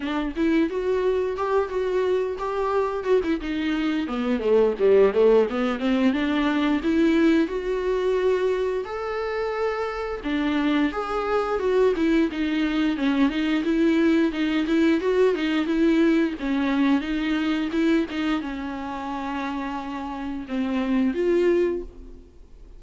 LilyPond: \new Staff \with { instrumentName = "viola" } { \time 4/4 \tempo 4 = 88 d'8 e'8 fis'4 g'8 fis'4 g'8~ | g'8 fis'16 e'16 dis'4 b8 a8 g8 a8 | b8 c'8 d'4 e'4 fis'4~ | fis'4 a'2 d'4 |
gis'4 fis'8 e'8 dis'4 cis'8 dis'8 | e'4 dis'8 e'8 fis'8 dis'8 e'4 | cis'4 dis'4 e'8 dis'8 cis'4~ | cis'2 c'4 f'4 | }